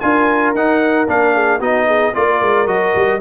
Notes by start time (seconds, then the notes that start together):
0.00 D4 F4 A#4 G#5
0.54 D#4 F#5
1.07 A#3 D4 F5
1.34 G#4
1.59 B3 D#4 F#4 D#5
1.86 G#4
2.14 A#3 F4 A#4 D5
2.41 G#3
2.67 F#3 F#4 D#5
2.95 G3